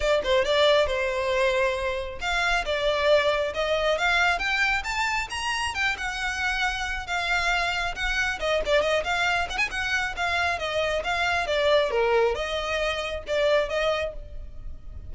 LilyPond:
\new Staff \with { instrumentName = "violin" } { \time 4/4 \tempo 4 = 136 d''8 c''8 d''4 c''2~ | c''4 f''4 d''2 | dis''4 f''4 g''4 a''4 | ais''4 g''8 fis''2~ fis''8 |
f''2 fis''4 dis''8 d''8 | dis''8 f''4 fis''16 gis''16 fis''4 f''4 | dis''4 f''4 d''4 ais'4 | dis''2 d''4 dis''4 | }